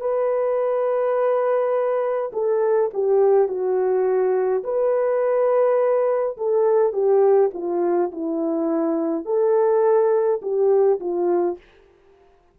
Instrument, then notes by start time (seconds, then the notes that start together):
horn
0.00 B4
2.32 A4
2.94 G4
3.48 F#4
4.64 B4
6.37 A4
6.92 G4
7.53 F4
8.11 E4
9.25 A4
10.42 G4
11.00 F4